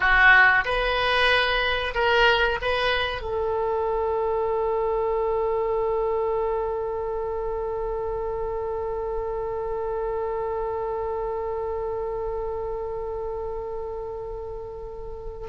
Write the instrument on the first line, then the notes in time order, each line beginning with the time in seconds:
oboe
0.00 F#4
0.65 B4
1.94 A#4
2.61 B4
3.21 A4